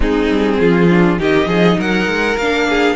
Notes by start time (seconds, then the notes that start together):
0.00 G#3 C4 D#4 G#4
0.29 G3
0.60 F3 F4
0.89 D4
1.18 D#3 D#4 G4 D#5
1.46 F3 G#4
1.78 F#3 A#4 F#5
2.07 G#3
2.37 A#3 D4 F5
2.69 G#4